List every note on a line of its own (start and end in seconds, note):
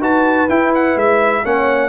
0.00 0.48 D#4
0.00 0.48 F#4
0.00 1.43 B4
0.00 0.49 A5
0.49 0.96 E4
0.49 1.44 E4
0.49 0.73 G5
0.75 0.98 F#5
0.96 1.43 G#3
0.96 1.45 E5
1.44 1.89 A#3
1.44 1.89 C#4
1.44 1.89 C#5
1.44 1.89 F#5